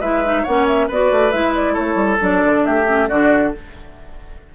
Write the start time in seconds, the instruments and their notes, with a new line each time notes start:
0.00 bassoon G#3, clarinet E4, oboe B4, flute E5
0.24 clarinet D#4
0.42 bassoon A#3, clarinet C#4, oboe C#5, flute F#5
0.67 flute E5
0.88 bassoon B3, clarinet F#4, oboe B4, flute D5
1.11 bassoon A3
1.31 bassoon G#3, clarinet E4, flute E5
1.54 flute D5
1.73 bassoon A3, oboe A4, flute C#5
1.95 bassoon G3
2.19 bassoon F#3, clarinet D4, flute D5
2.45 bassoon D3
2.65 bassoon A3, oboe G4, flute E5
2.86 clarinet C#4
3.08 bassoon D3, clarinet D4, oboe F#4, flute D5